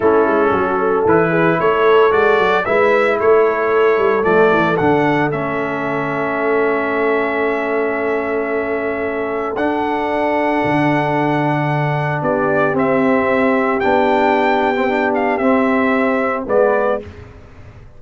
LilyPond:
<<
  \new Staff \with { instrumentName = "trumpet" } { \time 4/4 \tempo 4 = 113 a'2 b'4 cis''4 | d''4 e''4 cis''2 | d''4 fis''4 e''2~ | e''1~ |
e''2 fis''2~ | fis''2. d''4 | e''2 g''2~ | g''8 f''8 e''2 d''4 | }
  \new Staff \with { instrumentName = "horn" } { \time 4/4 e'4 fis'8 a'4 gis'8 a'4~ | a'4 b'4 a'2~ | a'1~ | a'1~ |
a'1~ | a'2. g'4~ | g'1~ | g'2. b'4 | }
  \new Staff \with { instrumentName = "trombone" } { \time 4/4 cis'2 e'2 | fis'4 e'2. | a4 d'4 cis'2~ | cis'1~ |
cis'2 d'2~ | d'1 | c'2 d'4.~ d'16 c'16 | d'4 c'2 b4 | }
  \new Staff \with { instrumentName = "tuba" } { \time 4/4 a8 gis8 fis4 e4 a4 | gis8 fis8 gis4 a4. g8 | f8 e8 d4 a2~ | a1~ |
a2 d'2 | d2. b4 | c'2 b2~ | b4 c'2 gis4 | }
>>